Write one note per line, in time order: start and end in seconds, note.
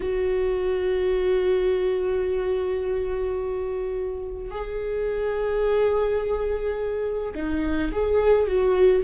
0.00 4.50 F#4
4.50 7.33 G#4
7.34 7.91 D#4
7.92 8.47 G#4
8.47 9.03 F#4